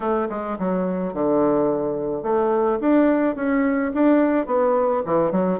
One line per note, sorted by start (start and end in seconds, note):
0.00 0.28 A3
0.29 0.57 G#3
0.59 1.13 F#3
1.13 2.22 D3
2.22 2.78 A3
2.80 3.35 D4
3.35 3.92 C#4
3.94 4.46 D4
4.46 5.02 B3
5.05 5.31 E3
5.31 5.59 F#3